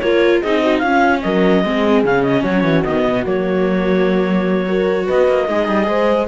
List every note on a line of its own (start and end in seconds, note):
0.00 0.43 A#3
0.00 0.45 F4
0.00 0.42 A#4
0.00 0.41 C#5
0.42 0.83 C4
0.42 0.86 D#4
0.42 0.62 G#4
0.42 0.79 D#5
0.63 0.82 F#4
0.79 1.23 C#4
0.79 1.23 F4
0.79 1.19 F5
0.86 1.65 C#4
1.23 1.64 F#3
1.23 1.65 A#4
1.23 2.04 D#5
1.64 2.04 G#3
1.64 2.05 C4
1.64 2.42 G#4
2.04 2.43 C#3
2.04 2.85 C#4
2.04 2.23 F5
2.23 2.43 D#5
2.42 2.64 F#3
2.42 4.65 F#4
2.42 2.84 C#5
2.64 2.84 E3
2.84 3.06 D#3
2.84 3.26 B3
2.84 3.24 D#5
3.06 3.26 B2
3.26 5.08 F#3
3.26 4.66 A#3
3.26 5.09 C#5
4.66 5.48 F#4
4.66 5.06 A#4
5.06 5.28 B3
5.06 5.47 B4
5.06 6.28 D#5
5.28 5.48 A#3
5.47 5.68 G#3
5.47 5.87 D#4
5.47 6.28 G#4
5.68 5.88 G3
5.88 6.28 G#3
5.88 6.28 C5